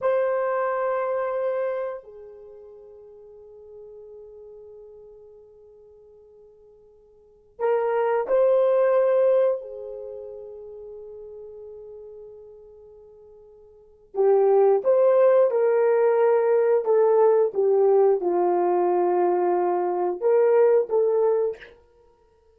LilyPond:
\new Staff \with { instrumentName = "horn" } { \time 4/4 \tempo 4 = 89 c''2. gis'4~ | gis'1~ | gis'2.~ gis'16 ais'8.~ | ais'16 c''2 gis'4.~ gis'16~ |
gis'1~ | gis'4 g'4 c''4 ais'4~ | ais'4 a'4 g'4 f'4~ | f'2 ais'4 a'4 | }